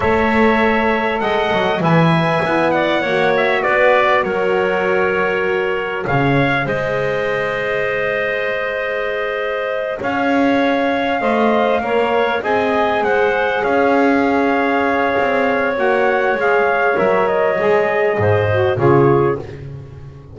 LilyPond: <<
  \new Staff \with { instrumentName = "trumpet" } { \time 4/4 \tempo 4 = 99 e''2 fis''4 gis''4~ | gis''8 fis''4 e''8 d''4 cis''4~ | cis''2 f''4 dis''4~ | dis''1~ |
dis''8 f''2.~ f''8~ | f''8 gis''4 fis''4 f''4.~ | f''2 fis''4 f''4 | e''8 dis''2~ dis''8 cis''4 | }
  \new Staff \with { instrumentName = "clarinet" } { \time 4/4 cis''2 dis''4 e''4~ | e''8 d''8 cis''4 b'4 ais'4~ | ais'2 cis''4 c''4~ | c''1~ |
c''8 cis''2 dis''4 cis''8~ | cis''8 dis''4 c''4 cis''4.~ | cis''1~ | cis''2 c''4 gis'4 | }
  \new Staff \with { instrumentName = "saxophone" } { \time 4/4 a'2. b'4 | e'4 fis'2.~ | fis'2 gis'2~ | gis'1~ |
gis'2~ gis'8 c''4 ais'8~ | ais'8 gis'2.~ gis'8~ | gis'2 fis'4 gis'4 | ais'4 gis'4. fis'8 f'4 | }
  \new Staff \with { instrumentName = "double bass" } { \time 4/4 a2 gis8 fis8 e4 | b4 ais4 b4 fis4~ | fis2 cis4 gis4~ | gis1~ |
gis8 cis'2 a4 ais8~ | ais8 c'4 gis4 cis'4.~ | cis'4 c'4 ais4 gis4 | fis4 gis4 gis,4 cis4 | }
>>